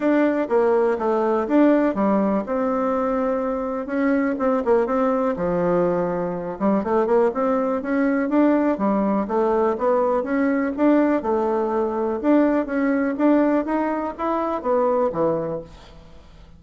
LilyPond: \new Staff \with { instrumentName = "bassoon" } { \time 4/4 \tempo 4 = 123 d'4 ais4 a4 d'4 | g4 c'2. | cis'4 c'8 ais8 c'4 f4~ | f4. g8 a8 ais8 c'4 |
cis'4 d'4 g4 a4 | b4 cis'4 d'4 a4~ | a4 d'4 cis'4 d'4 | dis'4 e'4 b4 e4 | }